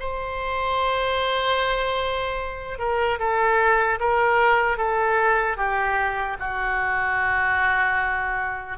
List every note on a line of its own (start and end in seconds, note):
0.00 2.79 C5
2.79 3.19 A#4
3.19 3.99 A4
4.00 4.77 A#4
4.77 5.57 A4
5.57 6.37 G4
6.40 8.78 F#4